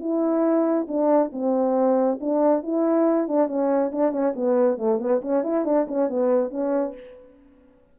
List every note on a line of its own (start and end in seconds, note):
0.00 0.87 E4
0.88 1.31 D4
1.32 2.19 C4
2.20 2.63 D4
2.63 3.28 E4
3.28 3.48 D4
3.48 3.91 C#4
3.92 4.11 D4
4.11 4.33 C#4
4.36 4.78 B3
4.78 4.99 A3
4.99 5.21 B3
5.22 5.43 C#4
5.43 5.65 E4
5.65 5.87 D4
5.88 6.09 C#4
6.09 6.50 B3
6.50 6.94 C#4